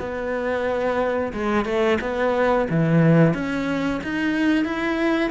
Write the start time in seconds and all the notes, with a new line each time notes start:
0.00 B3
1.34 G#3
1.65 A3
2.02 B3
2.71 E3
3.35 C#4
4.04 D#4
4.65 E4